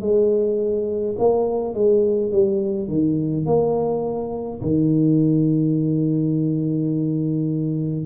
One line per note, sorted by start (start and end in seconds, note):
0.00 1.15 G#3
1.17 1.74 A#3
1.74 2.31 G#3
2.31 2.88 G3
2.88 3.46 D#3
3.46 4.61 A#3
4.62 8.06 D#3